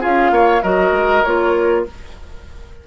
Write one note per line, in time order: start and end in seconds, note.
0.00 0.31 C#4
0.00 0.61 F4
0.00 0.31 G#4
0.00 0.62 F5
0.31 0.61 A#3
0.31 0.62 C#5
0.62 0.91 F#3
0.62 1.24 F#4
0.62 1.85 A#4
0.62 1.23 D#5
0.91 1.22 G#3
1.23 1.87 A#3
1.23 1.86 F4
1.23 1.85 C#5